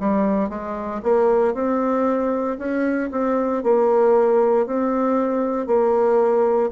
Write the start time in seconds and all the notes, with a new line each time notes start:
0.00 G3
0.50 G#3
1.03 A#3
1.55 C4
2.59 C#4
3.12 C4
3.64 A#3
4.67 C4
5.67 A#3